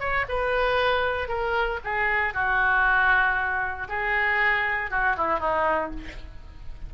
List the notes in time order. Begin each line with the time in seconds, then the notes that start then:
0.00 C#5
0.29 B4
1.28 A#4
1.84 G#4
2.34 F#4
3.89 G#4
4.91 F#4
5.17 E4
5.39 D#4